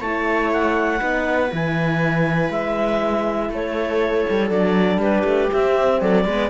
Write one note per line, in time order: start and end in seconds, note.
0.00 1.00 A3
0.00 0.99 E4
0.00 0.97 C#5
0.00 0.50 A5
0.53 1.52 F#5
0.97 1.51 B3
0.97 1.49 D#4
0.97 3.47 B4
1.50 2.49 E3
1.50 4.50 E4
1.50 2.51 G#5
2.49 3.49 G#3
2.49 3.51 E5
3.49 4.24 A3
3.49 4.99 A4
3.49 4.50 C#5
4.29 4.50 G3
4.50 4.98 F#3
4.50 5.50 D4
4.50 5.00 D5
4.98 5.23 G3
4.98 5.99 G4
4.98 5.51 B4
5.24 5.49 A3
5.52 6.27 C4
5.52 6.01 C4
5.52 6.01 E5
5.99 6.24 F#3
5.99 6.24 A4
5.99 6.50 D5
6.24 6.49 G#3
6.24 6.50 B3
6.24 6.50 B4